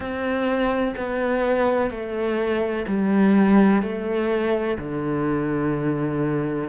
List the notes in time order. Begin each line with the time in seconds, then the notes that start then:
0.00 C4
0.96 B3
1.90 A3
2.87 G3
3.82 A3
4.78 D3